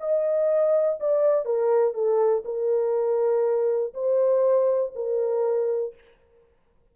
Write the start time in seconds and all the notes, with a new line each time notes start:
0.00 D#5
1.00 D5
1.45 A#4
1.94 A4
2.45 A#4
3.94 C5
4.95 A#4